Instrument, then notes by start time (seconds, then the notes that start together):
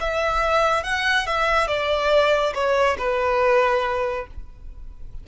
violin
0.00 E5
0.83 F#5
1.26 E5
1.68 D5
2.54 C#5
2.98 B4